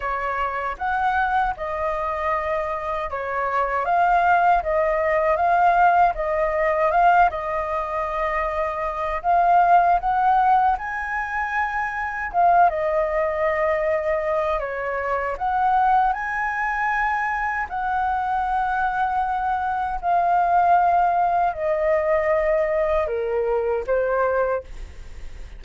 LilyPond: \new Staff \with { instrumentName = "flute" } { \time 4/4 \tempo 4 = 78 cis''4 fis''4 dis''2 | cis''4 f''4 dis''4 f''4 | dis''4 f''8 dis''2~ dis''8 | f''4 fis''4 gis''2 |
f''8 dis''2~ dis''8 cis''4 | fis''4 gis''2 fis''4~ | fis''2 f''2 | dis''2 ais'4 c''4 | }